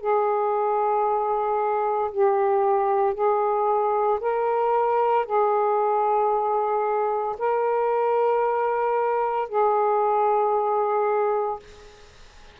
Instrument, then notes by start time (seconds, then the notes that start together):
saxophone
0.00 G#4
2.11 G4
3.13 G#4
4.20 A#4
5.25 G#4
7.38 A#4
9.48 G#4